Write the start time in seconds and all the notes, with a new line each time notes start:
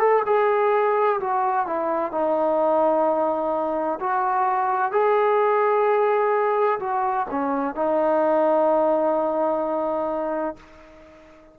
0.00 A4
0.26 G#4
1.21 F#4
1.67 E4
2.12 D#4
4.01 F#4
4.92 G#4
6.80 F#4
7.31 C#4
7.76 D#4